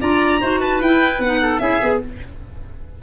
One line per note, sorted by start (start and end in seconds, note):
0.00 0.41 D4
0.00 0.40 F4
0.00 0.41 D5
0.00 0.61 A#5
0.41 0.80 D#4
0.41 0.82 F#4
0.41 0.60 C5
0.60 1.40 B4
0.60 0.81 A5
0.80 1.19 E4
0.80 1.24 E4
0.80 1.21 G5
1.19 1.59 B3
1.19 1.61 D#4
1.19 1.59 F#5
1.42 1.62 A4
1.59 1.80 C#4
1.59 1.81 E4
1.59 2.02 G#4
1.59 1.99 E5
1.81 2.02 B3
1.81 2.01 G#4